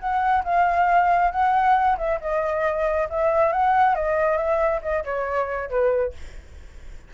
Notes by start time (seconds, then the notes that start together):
0.00 F#5
0.44 F5
1.32 F#5
1.98 E5
2.21 D#5
3.10 E5
3.53 F#5
3.96 D#5
4.38 E5
4.83 D#5
5.05 C#5
5.70 B4